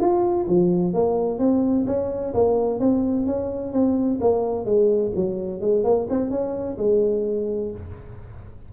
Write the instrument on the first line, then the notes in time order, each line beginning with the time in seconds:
tuba
0.00 F4
0.48 F3
0.94 A#3
1.39 C4
1.87 C#4
2.34 A#3
2.80 C4
3.26 C#4
3.73 C4
4.21 A#3
4.65 G#3
5.16 F#3
5.61 G#3
5.84 A#3
6.10 C4
6.31 C#4
6.78 G#3